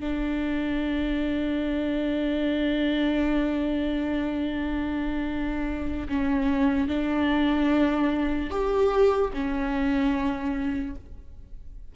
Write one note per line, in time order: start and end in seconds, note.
0.00 6.08 D4
6.09 6.88 C#4
6.88 8.50 D4
8.50 9.31 G4
9.34 10.96 C#4